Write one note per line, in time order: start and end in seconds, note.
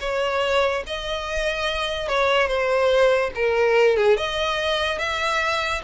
0.00 0.83 C#5
0.87 2.08 D#5
2.08 2.47 C#5
2.47 3.30 C5
3.35 3.96 A#4
3.96 4.17 G#4
4.17 4.98 D#5
4.98 5.82 E5